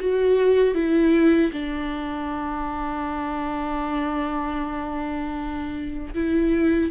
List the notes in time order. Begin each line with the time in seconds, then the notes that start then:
0.00 F#4
0.74 E4
1.53 D4
6.14 E4